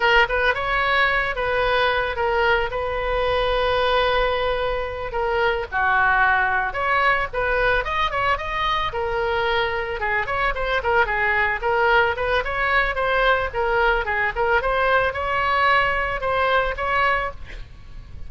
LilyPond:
\new Staff \with { instrumentName = "oboe" } { \time 4/4 \tempo 4 = 111 ais'8 b'8 cis''4. b'4. | ais'4 b'2.~ | b'4. ais'4 fis'4.~ | fis'8 cis''4 b'4 dis''8 cis''8 dis''8~ |
dis''8 ais'2 gis'8 cis''8 c''8 | ais'8 gis'4 ais'4 b'8 cis''4 | c''4 ais'4 gis'8 ais'8 c''4 | cis''2 c''4 cis''4 | }